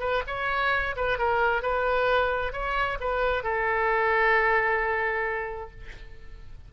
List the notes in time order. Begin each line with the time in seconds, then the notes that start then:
0.00 B4
0.27 C#5
0.96 B4
1.18 A#4
1.62 B4
2.53 C#5
3.01 B4
3.44 A4